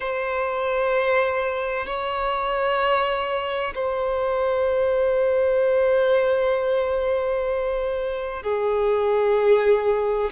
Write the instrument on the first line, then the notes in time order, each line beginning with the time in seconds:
violin
0.00 C5
1.86 C#5
3.75 C5
8.42 G#4